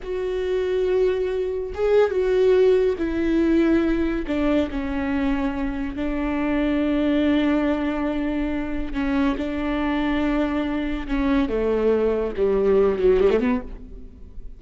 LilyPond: \new Staff \with { instrumentName = "viola" } { \time 4/4 \tempo 4 = 141 fis'1 | gis'4 fis'2 e'4~ | e'2 d'4 cis'4~ | cis'2 d'2~ |
d'1~ | d'4 cis'4 d'2~ | d'2 cis'4 a4~ | a4 g4. fis8 g16 a16 b8 | }